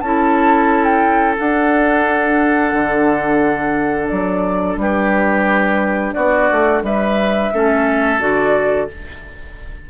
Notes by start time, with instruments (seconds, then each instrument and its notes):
0.00 bassoon C#4, clarinet E4, oboe A4, flute A5
0.84 flute G5
1.37 clarinet D4, bassoon D4, flute F#5
2.72 bassoon D3
4.08 bassoon F#3, flute D5
4.76 bassoon G3, oboe G4, flute B4
6.13 bassoon B3, oboe F#4, flute D5
6.51 bassoon A3
6.82 bassoon G3, oboe B4, flute E5
7.53 bassoon A3, clarinet C#4, oboe A4
8.19 bassoon D3, clarinet F#4, flute D5